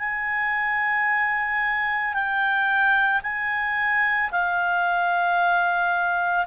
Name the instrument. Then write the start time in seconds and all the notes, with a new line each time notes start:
clarinet
0.00 G#5
2.14 G5
3.23 G#5
4.32 F5